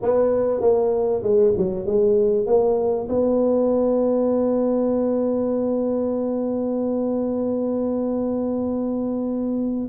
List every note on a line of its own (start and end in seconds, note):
0.02 0.60 B3
0.60 1.22 A#3
1.22 1.53 G#3
1.57 1.86 F#3
1.86 2.46 G#3
2.46 3.08 A#3
3.08 9.89 B3